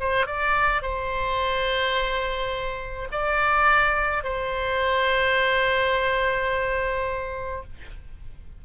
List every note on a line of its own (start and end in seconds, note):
0.00 0.27 C5
0.27 0.82 D5
0.82 3.08 C5
3.12 4.24 D5
4.24 7.64 C5